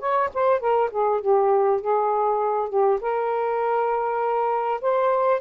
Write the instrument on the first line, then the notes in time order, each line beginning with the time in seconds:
saxophone
0.00 C#5
0.34 C5
0.61 A#4
0.91 G#4
1.21 G4
1.81 G#4
2.70 G4
3.01 A#4
4.81 C5